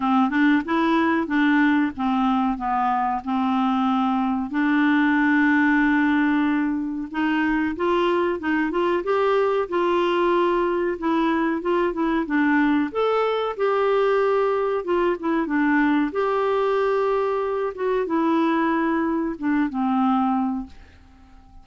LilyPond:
\new Staff \with { instrumentName = "clarinet" } { \time 4/4 \tempo 4 = 93 c'8 d'8 e'4 d'4 c'4 | b4 c'2 d'4~ | d'2. dis'4 | f'4 dis'8 f'8 g'4 f'4~ |
f'4 e'4 f'8 e'8 d'4 | a'4 g'2 f'8 e'8 | d'4 g'2~ g'8 fis'8 | e'2 d'8 c'4. | }